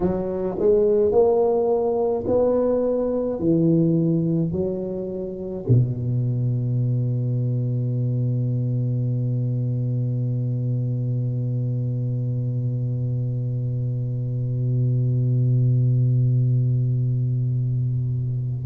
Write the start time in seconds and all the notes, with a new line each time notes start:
0.00 F#3
0.58 G#3
1.11 A#3
2.26 B3
3.39 E3
4.51 F#3
5.68 B2